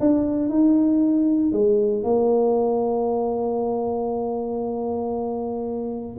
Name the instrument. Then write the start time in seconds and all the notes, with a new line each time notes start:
tuba
0.00 D4
0.49 D#4
1.53 G#3
2.04 A#3